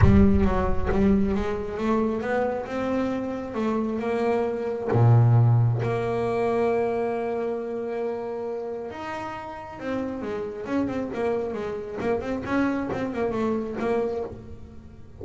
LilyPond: \new Staff \with { instrumentName = "double bass" } { \time 4/4 \tempo 4 = 135 g4 fis4 g4 gis4 | a4 b4 c'2 | a4 ais2 ais,4~ | ais,4 ais2.~ |
ais1 | dis'2 c'4 gis4 | cis'8 c'8 ais4 gis4 ais8 c'8 | cis'4 c'8 ais8 a4 ais4 | }